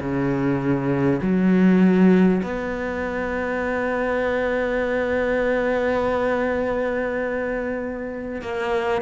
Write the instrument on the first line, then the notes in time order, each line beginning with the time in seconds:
cello
0.00 C#3
1.22 F#3
2.43 B3
8.41 A#3